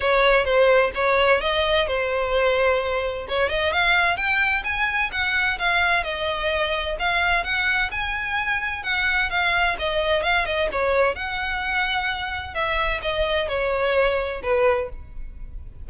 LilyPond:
\new Staff \with { instrumentName = "violin" } { \time 4/4 \tempo 4 = 129 cis''4 c''4 cis''4 dis''4 | c''2. cis''8 dis''8 | f''4 g''4 gis''4 fis''4 | f''4 dis''2 f''4 |
fis''4 gis''2 fis''4 | f''4 dis''4 f''8 dis''8 cis''4 | fis''2. e''4 | dis''4 cis''2 b'4 | }